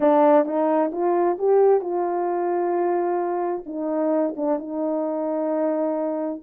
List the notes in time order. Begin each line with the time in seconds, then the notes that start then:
0.00 D4
0.45 D#4
0.92 F4
1.38 G4
1.80 F4
3.66 D#4
4.36 D4
4.58 D#4